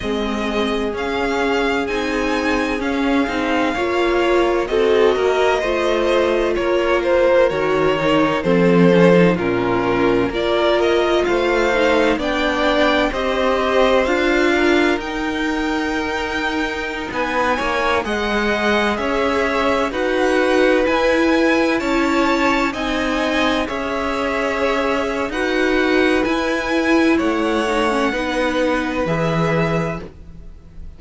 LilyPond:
<<
  \new Staff \with { instrumentName = "violin" } { \time 4/4 \tempo 4 = 64 dis''4 f''4 gis''4 f''4~ | f''4 dis''2 cis''8 c''8 | cis''4 c''4 ais'4 d''8 dis''8 | f''4 g''4 dis''4 f''4 |
g''2~ g''16 gis''4 fis''8.~ | fis''16 e''4 fis''4 gis''4 a''8.~ | a''16 gis''4 e''4.~ e''16 fis''4 | gis''4 fis''2 e''4 | }
  \new Staff \with { instrumentName = "violin" } { \time 4/4 gis'1 | cis''4 a'8 ais'8 c''4 ais'4~ | ais'4 a'4 f'4 ais'4 | c''4 d''4 c''4. ais'8~ |
ais'2~ ais'16 b'8 cis''8 dis''8.~ | dis''16 cis''4 b'2 cis''8.~ | cis''16 dis''4 cis''4.~ cis''16 b'4~ | b'4 cis''4 b'2 | }
  \new Staff \with { instrumentName = "viola" } { \time 4/4 c'4 cis'4 dis'4 cis'8 dis'8 | f'4 fis'4 f'2 | fis'8 dis'8 c'8 cis'16 dis'16 cis'4 f'4~ | f'8 dis'8 d'4 g'4 f'4 |
dis'2.~ dis'16 gis'8.~ | gis'4~ gis'16 fis'4 e'4.~ e'16~ | e'16 dis'4 gis'4.~ gis'16 fis'4 | e'4. dis'16 cis'16 dis'4 gis'4 | }
  \new Staff \with { instrumentName = "cello" } { \time 4/4 gis4 cis'4 c'4 cis'8 c'8 | ais4 c'8 ais8 a4 ais4 | dis4 f4 ais,4 ais4 | a4 b4 c'4 d'4 |
dis'2~ dis'16 b8 ais8 gis8.~ | gis16 cis'4 dis'4 e'4 cis'8.~ | cis'16 c'4 cis'4.~ cis'16 dis'4 | e'4 a4 b4 e4 | }
>>